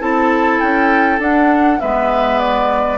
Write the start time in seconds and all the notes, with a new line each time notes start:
0.00 C4 E4 A4 A5
0.60 C#4 G5
1.19 D4 F#5
1.80 G#3 B3 B4 E5
2.39 D5